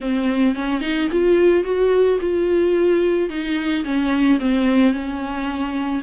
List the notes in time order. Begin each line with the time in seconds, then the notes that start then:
0.00 C4
0.55 C#4
0.81 D#4
1.11 F4
1.64 F#4
2.20 F4
3.29 D#4
3.84 C#4
4.39 C4
4.92 C#4